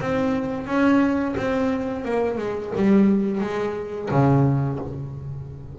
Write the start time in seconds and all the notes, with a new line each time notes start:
0.00 C4
0.66 C#4
1.36 C4
2.04 A#3
2.38 G#3
2.76 G3
3.41 G#3
4.11 C#3